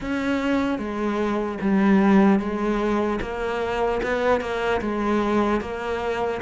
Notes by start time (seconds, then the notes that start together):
0.00 C#4
0.78 G#3
1.60 G3
2.39 G#3
3.21 A#3
4.02 B3
4.40 A#3
4.81 G#3
5.60 A#3